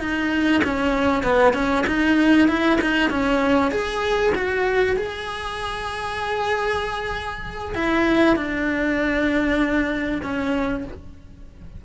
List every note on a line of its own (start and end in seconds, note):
0.00 0.62 D#4
0.64 1.24 C#4
1.24 1.54 B3
1.54 1.85 C#4
1.87 2.49 D#4
2.49 2.79 E4
2.82 3.10 D#4
3.10 3.71 C#4
3.71 4.33 G#4
4.35 4.97 F#4
4.97 7.75 G#4
7.75 8.36 E4
8.36 10.22 D4
10.23 10.85 C#4